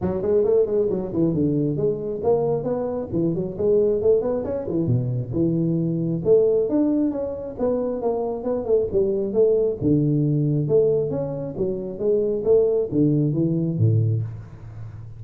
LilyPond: \new Staff \with { instrumentName = "tuba" } { \time 4/4 \tempo 4 = 135 fis8 gis8 a8 gis8 fis8 e8 d4 | gis4 ais4 b4 e8 fis8 | gis4 a8 b8 cis'8 e8 b,4 | e2 a4 d'4 |
cis'4 b4 ais4 b8 a8 | g4 a4 d2 | a4 cis'4 fis4 gis4 | a4 d4 e4 a,4 | }